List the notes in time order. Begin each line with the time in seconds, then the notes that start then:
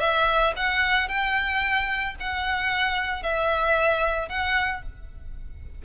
0.00 E5
0.57 F#5
1.09 G5
2.20 F#5
3.23 E5
4.29 F#5